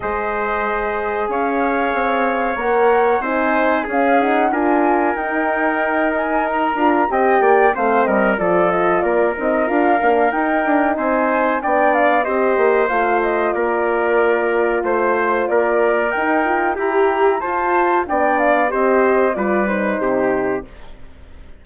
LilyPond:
<<
  \new Staff \with { instrumentName = "flute" } { \time 4/4 \tempo 4 = 93 dis''2 f''2 | fis''4 gis''4 f''8 fis''8 gis''4 | g''4. gis''8 ais''4 g''4 | f''8 dis''8 d''8 dis''8 d''8 dis''8 f''4 |
g''4 gis''4 g''8 f''8 dis''4 | f''8 dis''8 d''2 c''4 | d''4 g''4 ais''4 a''4 | g''8 f''8 dis''4 d''8 c''4. | }
  \new Staff \with { instrumentName = "trumpet" } { \time 4/4 c''2 cis''2~ | cis''4 c''4 gis'4 ais'4~ | ais'2. dis''8 d''8 | c''8 ais'8 a'4 ais'2~ |
ais'4 c''4 d''4 c''4~ | c''4 ais'2 c''4 | ais'2 g'4 c''4 | d''4 c''4 b'4 g'4 | }
  \new Staff \with { instrumentName = "horn" } { \time 4/4 gis'1 | ais'4 dis'4 cis'8 dis'8 f'4 | dis'2~ dis'8 f'8 g'4 | c'4 f'4. dis'8 f'8 d'8 |
dis'2 d'4 g'4 | f'1~ | f'4 dis'8 f'8 g'4 f'4 | d'4 g'4 f'8 dis'4. | }
  \new Staff \with { instrumentName = "bassoon" } { \time 4/4 gis2 cis'4 c'4 | ais4 c'4 cis'4 d'4 | dis'2~ dis'8 d'8 c'8 ais8 | a8 g8 f4 ais8 c'8 d'8 ais8 |
dis'8 d'8 c'4 b4 c'8 ais8 | a4 ais2 a4 | ais4 dis'4 e'4 f'4 | b4 c'4 g4 c4 | }
>>